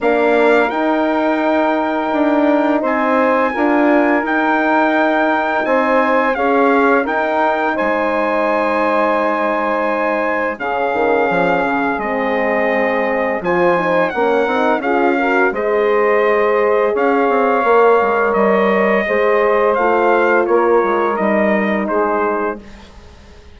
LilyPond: <<
  \new Staff \with { instrumentName = "trumpet" } { \time 4/4 \tempo 4 = 85 f''4 g''2. | gis''2 g''2 | gis''4 f''4 g''4 gis''4~ | gis''2. f''4~ |
f''4 dis''2 gis''4 | fis''4 f''4 dis''2 | f''2 dis''2 | f''4 cis''4 dis''4 c''4 | }
  \new Staff \with { instrumentName = "saxophone" } { \time 4/4 ais'1 | c''4 ais'2. | c''4 cis''4 ais'4 c''4~ | c''2. gis'4~ |
gis'2. c''4 | ais'4 gis'8 ais'8 c''2 | cis''2. c''4~ | c''4 ais'2 gis'4 | }
  \new Staff \with { instrumentName = "horn" } { \time 4/4 d'4 dis'2.~ | dis'4 f'4 dis'2~ | dis'4 gis'4 dis'2~ | dis'2. cis'4~ |
cis'4 c'2 f'8 dis'8 | cis'8 dis'8 f'8 fis'8 gis'2~ | gis'4 ais'2 gis'4 | f'2 dis'2 | }
  \new Staff \with { instrumentName = "bassoon" } { \time 4/4 ais4 dis'2 d'4 | c'4 d'4 dis'2 | c'4 cis'4 dis'4 gis4~ | gis2. cis8 dis8 |
f8 cis8 gis2 f4 | ais8 c'8 cis'4 gis2 | cis'8 c'8 ais8 gis8 g4 gis4 | a4 ais8 gis8 g4 gis4 | }
>>